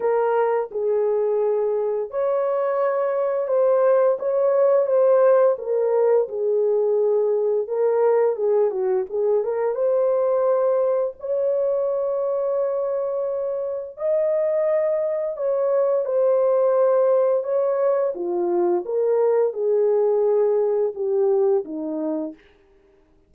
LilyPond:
\new Staff \with { instrumentName = "horn" } { \time 4/4 \tempo 4 = 86 ais'4 gis'2 cis''4~ | cis''4 c''4 cis''4 c''4 | ais'4 gis'2 ais'4 | gis'8 fis'8 gis'8 ais'8 c''2 |
cis''1 | dis''2 cis''4 c''4~ | c''4 cis''4 f'4 ais'4 | gis'2 g'4 dis'4 | }